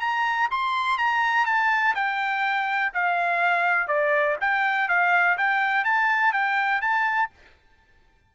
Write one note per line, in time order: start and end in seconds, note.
0.00 0.49 A#5
0.51 0.98 C6
0.98 1.45 A#5
1.45 1.94 A5
1.95 2.92 G5
2.93 3.87 F5
3.87 4.36 D5
4.41 4.88 G5
4.88 5.37 F5
5.37 5.84 G5
5.84 6.33 A5
6.33 6.81 G5
6.81 7.30 A5